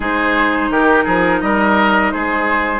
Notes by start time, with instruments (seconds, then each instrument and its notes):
0.00 bassoon G#3, clarinet D#4, oboe G#4, flute C5
0.70 bassoon D#3, oboe G4, flute A#4
1.04 bassoon F3, oboe G#4
1.41 bassoon G3, oboe A#4, flute D#5
2.11 bassoon G#3, oboe G#4, flute C5